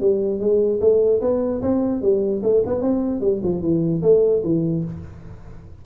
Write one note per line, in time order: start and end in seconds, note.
0.00 0.40 G3
0.40 0.80 G#3
0.80 1.21 A3
1.21 1.61 B3
1.62 2.02 C4
2.02 2.42 G3
2.43 2.63 A3
2.66 2.81 B3
2.81 3.21 C4
3.21 3.41 G3
3.43 3.61 F3
3.61 4.02 E3
4.02 4.43 A3
4.43 4.84 E3